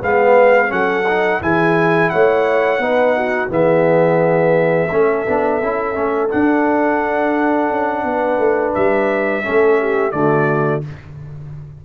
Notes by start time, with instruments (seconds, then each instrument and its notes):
0.00 tuba G#3, trombone B3, horn B4, trumpet F5
0.68 tuba F#3, trombone C#4, horn A4, trumpet F#5
1.08 trombone D#4
1.41 tuba E3, trombone E4, horn G#4, trumpet G#5
2.09 tuba A3, horn C#5, trumpet F#5
2.78 tuba B3, trombone D#4, horn B4
3.17 horn F#4
3.49 tuba E3, trombone B3, horn G#4, trumpet E5
4.91 tuba A3, trombone C#4, horn A4
5.26 tuba B3, trombone D4
5.62 tuba C#4, trombone E4
5.94 tuba A3, trombone C#4
6.29 trombone D4, tuba D4, trumpet F#5
7.70 tuba C#4
8.03 tuba B3, horn B4
8.38 tuba A3
8.74 tuba G3, trumpet E5
9.43 tuba A3, trombone C#4, horn A4
9.79 horn G4
10.11 tuba D3, trombone A3, horn F#4, trumpet D5